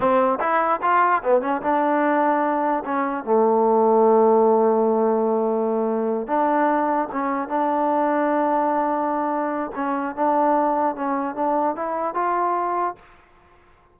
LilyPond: \new Staff \with { instrumentName = "trombone" } { \time 4/4 \tempo 4 = 148 c'4 e'4 f'4 b8 cis'8 | d'2. cis'4 | a1~ | a2.~ a8 d'8~ |
d'4. cis'4 d'4.~ | d'1 | cis'4 d'2 cis'4 | d'4 e'4 f'2 | }